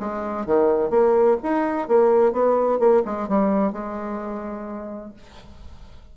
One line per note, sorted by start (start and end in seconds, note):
0.00 0.46 G#3
0.46 0.90 D#3
0.90 1.37 A#3
1.43 1.88 D#4
1.88 2.32 A#3
2.32 2.79 B3
2.79 3.03 A#3
3.05 3.28 G#3
3.28 3.72 G3
3.72 5.13 G#3